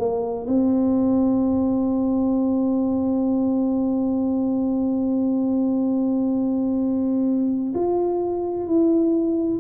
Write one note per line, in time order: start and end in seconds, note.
0.00 0.47 A#3
0.48 7.74 C4
7.75 8.67 F4
8.67 9.61 E4